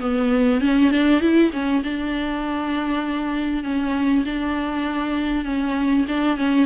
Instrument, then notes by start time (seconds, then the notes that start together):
viola
0.00 B3
0.61 C#4
0.91 D4
1.21 E4
1.53 C#4
1.84 D4
3.64 C#4
4.25 D4
5.45 C#4
6.08 D4
6.37 C#4